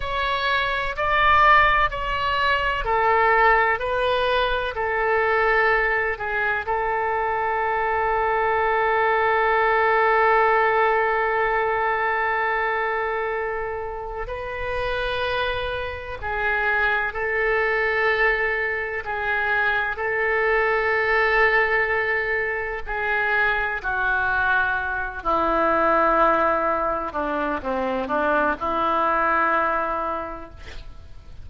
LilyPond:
\new Staff \with { instrumentName = "oboe" } { \time 4/4 \tempo 4 = 63 cis''4 d''4 cis''4 a'4 | b'4 a'4. gis'8 a'4~ | a'1~ | a'2. b'4~ |
b'4 gis'4 a'2 | gis'4 a'2. | gis'4 fis'4. e'4.~ | e'8 d'8 c'8 d'8 e'2 | }